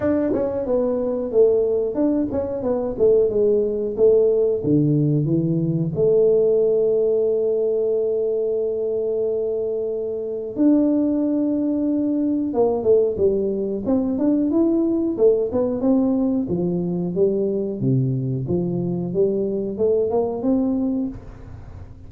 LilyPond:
\new Staff \with { instrumentName = "tuba" } { \time 4/4 \tempo 4 = 91 d'8 cis'8 b4 a4 d'8 cis'8 | b8 a8 gis4 a4 d4 | e4 a2.~ | a1 |
d'2. ais8 a8 | g4 c'8 d'8 e'4 a8 b8 | c'4 f4 g4 c4 | f4 g4 a8 ais8 c'4 | }